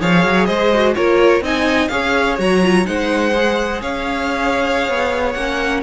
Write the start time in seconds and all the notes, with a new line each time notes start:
0.00 F3 G#4 C#5 F5
0.25 F#3
0.45 G#3 C5 D#5
0.74 F#4
0.95 A#3 F4 A#4 C#5
1.41 C4 D#4 D#5 G#5
1.88 C#4 G#4 C#5 F5
2.38 F#3 F#4 A#5
2.62 F4
2.85 G#3 D#4 C5 F#5
3.34 G#4
3.81 C#4 C#5 F5
4.88 B3
5.33 A#3 C#4 F#5